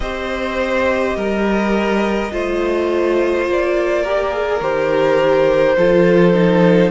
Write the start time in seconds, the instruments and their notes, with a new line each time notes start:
0.00 cello C4, viola G4, violin C5 D#5
1.16 cello G3, violin A#4
2.31 cello A3, viola F4, violin C5
3.47 cello A#3, violin D5
4.02 viola G4, violin A#4
4.31 viola G#4
4.60 cello D#3, viola G4, violin C5
5.77 cello F3, viola F4, violin A4
6.33 viola D#4